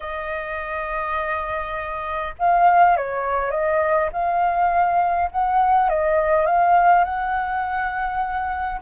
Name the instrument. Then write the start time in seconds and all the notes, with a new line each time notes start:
flute
0.00 D#5
2.38 F5
2.96 C#5
3.51 D#5
4.12 F5
5.31 F#5
5.89 D#5
6.45 F5
7.04 F#5